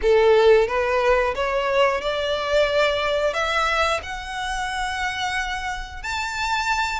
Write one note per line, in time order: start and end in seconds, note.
0.02 0.67 A4
0.67 1.34 B4
1.35 2.01 C#5
2.01 3.33 D5
3.33 4.00 E5
4.02 6.02 F#5
6.02 7.00 A5